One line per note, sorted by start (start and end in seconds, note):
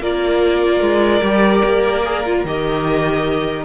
0.00 0.80 A#3
0.00 1.21 F4
0.00 3.64 A#4
0.00 2.45 D5
0.80 1.21 G#3
1.21 1.62 G3
1.21 2.02 G4
1.64 2.44 A#3
2.04 2.25 G#4
2.25 2.46 F4
2.44 3.64 D#3
2.44 3.64 G4
2.44 3.64 D#5